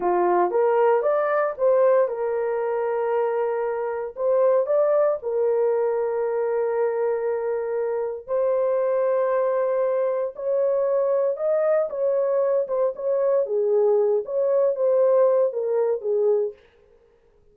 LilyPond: \new Staff \with { instrumentName = "horn" } { \time 4/4 \tempo 4 = 116 f'4 ais'4 d''4 c''4 | ais'1 | c''4 d''4 ais'2~ | ais'1 |
c''1 | cis''2 dis''4 cis''4~ | cis''8 c''8 cis''4 gis'4. cis''8~ | cis''8 c''4. ais'4 gis'4 | }